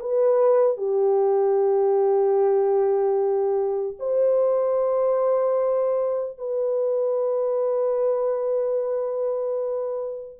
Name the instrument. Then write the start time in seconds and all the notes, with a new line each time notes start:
horn
0.00 B4
0.77 G4
3.99 C5
6.38 B4